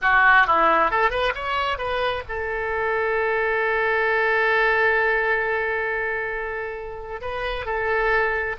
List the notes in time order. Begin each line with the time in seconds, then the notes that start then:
0.01 F#4
0.46 E4
0.90 A4
1.10 B4
1.34 C#5
1.77 B4
2.28 A4
7.21 B4
7.65 A4